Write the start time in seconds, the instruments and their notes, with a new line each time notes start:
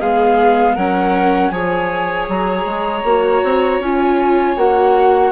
0.00 bassoon G#3, viola B3, violin G#4, flute F5
0.75 bassoon F#3, viola C#4, violin A#4, flute F#5
1.50 bassoon F3, viola G#4, violin C#5, flute G#5
2.29 bassoon F#3, flute A#5
2.66 bassoon G#3
3.04 bassoon A#3, viola F#4
3.44 bassoon C4
3.80 bassoon C#4, viola F4, flute G#5
4.57 bassoon A#3, viola F#4, flute F#5